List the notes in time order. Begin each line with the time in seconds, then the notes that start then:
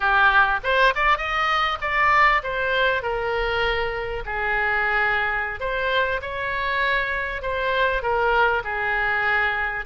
0.00 G4
0.63 C5
0.95 D5
1.17 D#5
1.81 D5
2.43 C5
3.02 A#4
4.25 G#4
5.60 C5
6.21 C#5
7.42 C5
8.02 A#4
8.64 G#4